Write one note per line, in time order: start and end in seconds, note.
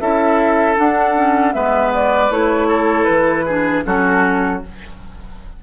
0.00 0.78 C#4
0.00 0.76 E4
0.00 1.55 A4
0.00 0.77 E5
0.76 1.15 D4
0.76 1.55 D4
0.76 1.54 F#5
1.16 1.54 C#4
1.54 2.30 G#3
1.54 2.30 B3
1.54 2.68 B4
1.54 1.92 E5
1.95 2.32 D5
2.30 3.07 A3
2.30 3.46 E4
2.30 3.04 C#5
2.68 3.45 A4
3.04 3.86 E3
3.04 3.81 B4
3.46 3.85 D4
3.46 3.84 G#4
3.85 4.63 F#3
3.85 4.62 C#4
3.85 4.63 F#4
3.85 4.63 A4